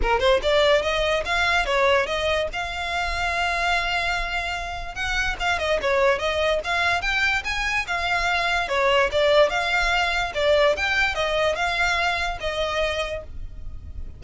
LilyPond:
\new Staff \with { instrumentName = "violin" } { \time 4/4 \tempo 4 = 145 ais'8 c''8 d''4 dis''4 f''4 | cis''4 dis''4 f''2~ | f''1 | fis''4 f''8 dis''8 cis''4 dis''4 |
f''4 g''4 gis''4 f''4~ | f''4 cis''4 d''4 f''4~ | f''4 d''4 g''4 dis''4 | f''2 dis''2 | }